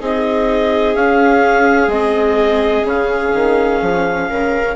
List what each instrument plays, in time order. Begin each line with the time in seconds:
0.00 bassoon C4, viola D#4 G#4, clarinet D#5
0.94 viola C#4, bassoon C#4, clarinet F5
1.87 bassoon G#3, viola C4, clarinet D#5
2.84 bassoon C#3, viola C#4, clarinet F5
3.34 bassoon D#3
3.81 bassoon F3
4.30 bassoon C#3, viola A#4